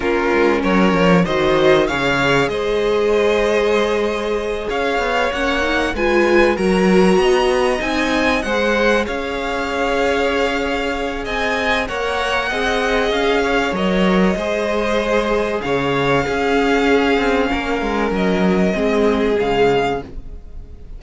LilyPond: <<
  \new Staff \with { instrumentName = "violin" } { \time 4/4 \tempo 4 = 96 ais'4 cis''4 dis''4 f''4 | dis''2.~ dis''8 f''8~ | f''8 fis''4 gis''4 ais''4.~ | ais''8 gis''4 fis''4 f''4.~ |
f''2 gis''4 fis''4~ | fis''4 f''4 dis''2~ | dis''4 f''2.~ | f''4 dis''2 f''4 | }
  \new Staff \with { instrumentName = "violin" } { \time 4/4 f'4 ais'4 c''4 cis''4 | c''2.~ c''8 cis''8~ | cis''4. b'4 ais'4 dis''8~ | dis''4. c''4 cis''4.~ |
cis''2 dis''4 cis''4 | dis''4. cis''4. c''4~ | c''4 cis''4 gis'2 | ais'2 gis'2 | }
  \new Staff \with { instrumentName = "viola" } { \time 4/4 cis'2 fis'4 gis'4~ | gis'1~ | gis'8 cis'8 dis'8 f'4 fis'4.~ | fis'8 dis'4 gis'2~ gis'8~ |
gis'2. ais'4 | gis'2 ais'4 gis'4~ | gis'2 cis'2~ | cis'2 c'4 gis4 | }
  \new Staff \with { instrumentName = "cello" } { \time 4/4 ais8 gis8 fis8 f8 dis4 cis4 | gis2.~ gis8 cis'8 | b8 ais4 gis4 fis4 b8~ | b8 c'4 gis4 cis'4.~ |
cis'2 c'4 ais4 | c'4 cis'4 fis4 gis4~ | gis4 cis4 cis'4. c'8 | ais8 gis8 fis4 gis4 cis4 | }
>>